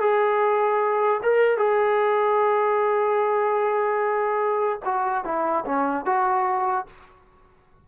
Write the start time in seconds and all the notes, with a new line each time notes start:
0.00 G#4
1.23 A#4
1.58 G#4
4.85 F#4
5.24 E4
5.65 C#4
6.06 F#4